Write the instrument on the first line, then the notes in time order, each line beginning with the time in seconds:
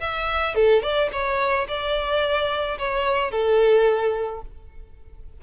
violin
0.00 E5
0.55 A4
0.82 D5
1.12 C#5
1.68 D5
2.78 C#5
3.31 A4